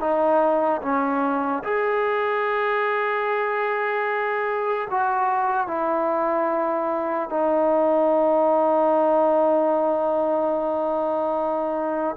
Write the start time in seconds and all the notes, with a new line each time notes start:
0.00 D#4
0.82 C#4
1.64 G#4
4.90 F#4
5.67 E4
7.29 D#4